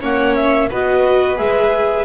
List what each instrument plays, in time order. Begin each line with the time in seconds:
0.00 double bass A#3, viola C#4, violin C#5, clarinet F#5
0.35 clarinet E5
0.69 double bass B3, viola F#4, violin B4, clarinet D#5
1.36 double bass G#3, viola G#4, clarinet E5